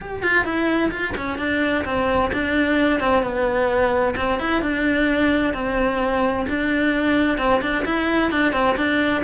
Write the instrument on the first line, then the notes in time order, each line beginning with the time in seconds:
cello
0.01 G4
0.22 F4
0.44 E4
0.91 F4
1.17 C#4
1.38 D4
1.85 C4
2.32 D4
2.99 C4
3.22 B3
4.16 C4
4.39 E4
4.61 D4
5.53 C4
6.48 D4
7.38 C4
7.61 D4
7.85 E4
8.31 D4
8.52 C4
8.77 D4